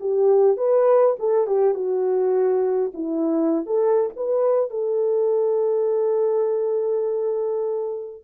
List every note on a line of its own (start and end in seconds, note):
0.00 0.57 G4
0.57 1.16 B4
1.19 1.47 A4
1.47 1.74 G4
1.74 2.92 F#4
2.94 3.66 E4
3.66 4.10 A4
4.16 4.70 B4
4.70 8.23 A4